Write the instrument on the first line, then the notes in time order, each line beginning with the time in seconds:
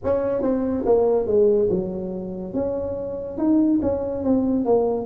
tuba
0.03 C#4
0.42 C4
0.85 A#3
1.27 G#3
1.70 F#3
2.54 C#4
3.38 D#4
3.81 C#4
4.24 C4
4.65 A#3